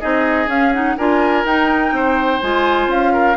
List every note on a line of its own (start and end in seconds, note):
0.00 0.46 C4
0.00 0.47 D#4
0.00 0.96 G#4
0.00 0.48 D#5
0.46 0.94 C#4
0.46 0.71 C#4
0.46 0.73 F5
0.73 0.97 D#4
0.73 0.97 F#5
0.97 1.45 D4
0.97 1.46 F4
0.97 1.93 A#4
0.97 1.45 G#5
1.45 1.92 D#4
1.45 2.42 D#4
1.45 2.41 G5
1.92 2.40 C4
1.92 3.13 C5
2.41 2.87 G#3
2.41 3.36 F4
2.41 2.89 G#5
2.87 3.35 C#4
2.87 3.36 F5
3.13 3.36 A#4